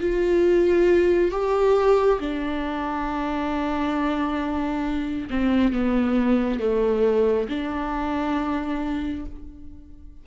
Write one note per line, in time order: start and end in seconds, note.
0.00 1.31 F4
1.31 2.19 G4
2.20 5.29 D4
5.30 5.73 C4
5.73 6.60 B3
6.60 7.48 A3
7.49 9.26 D4